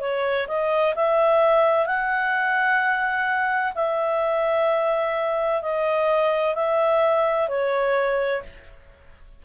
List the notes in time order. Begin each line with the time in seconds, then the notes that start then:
0.00 C#5
0.47 D#5
0.95 E5
1.85 F#5
3.75 E5
5.62 D#5
6.55 E5
7.48 C#5